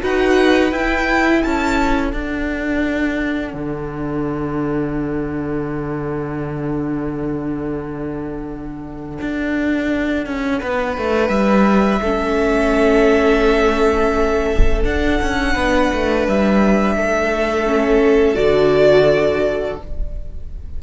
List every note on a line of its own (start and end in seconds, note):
0.00 0.71 D#4
0.00 0.71 F#4
0.00 1.42 B4
0.00 0.72 F#5
0.71 2.12 E4
0.71 1.42 E4
0.71 1.42 G5
1.42 2.12 C#4
1.42 10.60 A4
1.42 2.11 A5
2.11 12.00 D4
2.11 3.53 D4
2.11 11.28 F#5
3.53 9.18 D3
9.20 10.26 D4
10.26 10.61 C#4
10.60 10.97 B3
10.60 12.01 B4
10.97 11.28 A3
11.28 11.99 G3
11.28 14.81 E5
12.01 14.83 A3
12.01 14.85 C#4
12.01 15.52 A4
14.84 15.19 D4
14.84 17.65 D4
14.84 16.26 F#5
15.22 15.55 C#4
15.52 15.90 B3
15.52 16.93 B4
15.92 16.27 A3
16.27 16.95 G3
16.27 18.35 E5
16.95 18.36 A3
16.95 19.82 A4
17.65 18.35 C#4
18.35 19.77 D3
18.35 19.76 F#4
18.35 19.76 D5